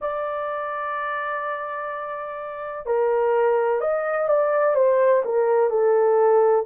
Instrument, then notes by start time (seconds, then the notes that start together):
horn
0.01 D5
2.86 A#4
3.81 D#5
4.28 D5
4.74 C5
5.24 A#4
5.69 A4